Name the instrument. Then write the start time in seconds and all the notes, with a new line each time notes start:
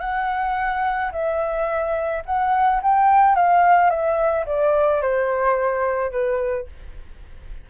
flute
0.00 F#5
1.12 E5
2.26 F#5
2.82 G5
3.35 F5
3.90 E5
4.46 D5
5.02 C5
6.11 B4